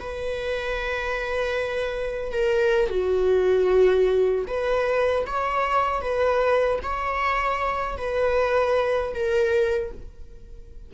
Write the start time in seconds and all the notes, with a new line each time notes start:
0.00 B4
2.33 A#4
2.90 F#4
4.48 B4
5.27 C#5
6.02 B4
6.83 C#5
7.98 B4
9.15 A#4